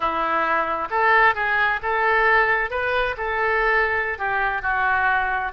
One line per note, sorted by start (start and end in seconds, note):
0.00 0.88 E4
0.90 1.35 A4
1.35 1.80 G#4
1.82 2.70 A4
2.70 3.15 B4
3.17 4.18 A4
4.18 4.62 G4
4.62 5.52 F#4